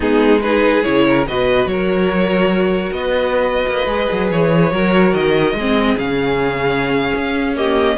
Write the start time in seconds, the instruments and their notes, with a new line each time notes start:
0.00 cello G#3, viola B3, violin D#4 G#4
0.41 viola D#4, violin G#4 B4
0.82 cello C#3, viola E4, violin C#5
1.08 violin A#4
1.27 cello B2, viola F#4, violin B4 D#5
1.65 cello F#3, violin A#4 C#5
2.91 cello B3, violin B4 D#5
3.68 cello A#3
3.86 cello G#3, viola G#4
4.12 cello F#3
4.31 cello E3, violin C#5
4.71 cello F#3, viola F#4, violin A#4
5.13 cello D#3, violin D#5
5.53 cello G#3, violin G#4
5.60 viola C4
5.97 cello C#3, viola C#4, violin F5
7.14 cello C#4
7.55 viola A#3, violin G4 D#5